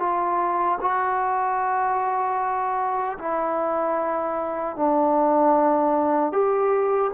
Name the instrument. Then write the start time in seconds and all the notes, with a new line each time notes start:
trombone
0.00 F4
0.81 F#4
3.19 E4
4.77 D4
6.32 G4